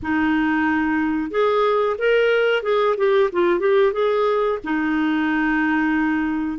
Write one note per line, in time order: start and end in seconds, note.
0.02 1.30 D#4
1.30 1.96 G#4
1.98 2.62 A#4
2.62 2.95 G#4
2.97 3.30 G4
3.32 3.59 F4
3.59 3.92 G4
3.92 4.58 G#4
4.64 6.58 D#4